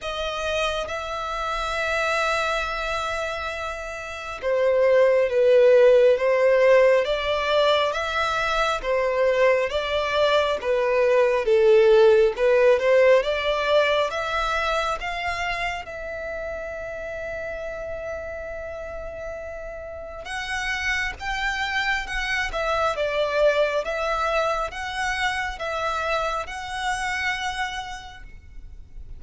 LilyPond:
\new Staff \with { instrumentName = "violin" } { \time 4/4 \tempo 4 = 68 dis''4 e''2.~ | e''4 c''4 b'4 c''4 | d''4 e''4 c''4 d''4 | b'4 a'4 b'8 c''8 d''4 |
e''4 f''4 e''2~ | e''2. fis''4 | g''4 fis''8 e''8 d''4 e''4 | fis''4 e''4 fis''2 | }